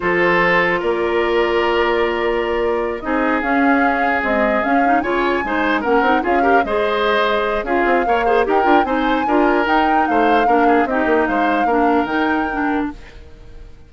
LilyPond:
<<
  \new Staff \with { instrumentName = "flute" } { \time 4/4 \tempo 4 = 149 c''2 d''2~ | d''2.~ d''8 dis''8~ | dis''8 f''2 dis''4 f''8~ | f''8 gis''2 fis''4 f''8~ |
f''8 dis''2~ dis''8 f''4~ | f''4 g''4 gis''2 | g''4 f''2 dis''4 | f''2 g''2 | }
  \new Staff \with { instrumentName = "oboe" } { \time 4/4 a'2 ais'2~ | ais'2.~ ais'8 gis'8~ | gis'1~ | gis'8 cis''4 c''4 ais'4 gis'8 |
ais'8 c''2~ c''8 gis'4 | cis''8 c''8 ais'4 c''4 ais'4~ | ais'4 c''4 ais'8 gis'8 g'4 | c''4 ais'2. | }
  \new Staff \with { instrumentName = "clarinet" } { \time 4/4 f'1~ | f'2.~ f'8 dis'8~ | dis'8 cis'2 gis4 cis'8 | dis'8 f'4 dis'4 cis'8 dis'8 f'8 |
g'8 gis'2~ gis'8 f'4 | ais'8 gis'8 g'8 f'8 dis'4 f'4 | dis'2 d'4 dis'4~ | dis'4 d'4 dis'4 d'4 | }
  \new Staff \with { instrumentName = "bassoon" } { \time 4/4 f2 ais2~ | ais2.~ ais8 c'8~ | c'8 cis'2 c'4 cis'8~ | cis'8 cis4 gis4 ais8 c'8 cis'8~ |
cis'8 gis2~ gis8 cis'8 c'8 | ais4 dis'8 d'8 c'4 d'4 | dis'4 a4 ais4 c'8 ais8 | gis4 ais4 dis2 | }
>>